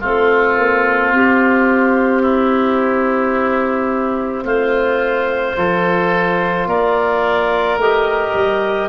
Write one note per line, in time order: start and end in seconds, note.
0.00 0.57 A3
0.00 5.56 C4
0.00 2.22 F4
0.00 1.14 A4
0.57 1.12 A#3
1.12 4.43 C4
1.12 4.45 G4
2.22 4.44 E4
4.43 5.54 A3
4.43 5.56 F4
4.43 6.68 C5
5.56 6.66 F3
5.56 7.78 F4
5.56 6.68 A4
6.66 7.77 A#3
6.66 8.89 A#4
6.66 7.79 D5
7.77 8.32 A3
7.77 8.89 G4
7.77 8.89 D#5
8.34 8.89 G3